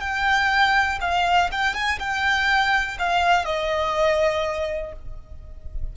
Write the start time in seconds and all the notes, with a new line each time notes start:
0.00 G5
1.00 F5
1.52 G5
1.74 G#5
1.99 G5
2.99 F5
3.45 D#5